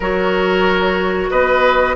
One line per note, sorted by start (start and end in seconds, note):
0.00 1.28 F#3
0.00 1.95 F#4
0.00 1.29 A#4
0.00 1.30 C#5
1.30 1.95 B3
1.30 1.95 B4
1.30 1.95 D#5